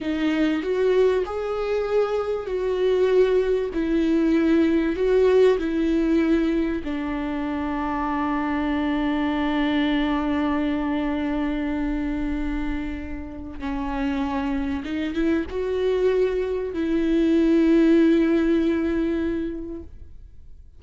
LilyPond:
\new Staff \with { instrumentName = "viola" } { \time 4/4 \tempo 4 = 97 dis'4 fis'4 gis'2 | fis'2 e'2 | fis'4 e'2 d'4~ | d'1~ |
d'1~ | d'2 cis'2 | dis'8 e'8 fis'2 e'4~ | e'1 | }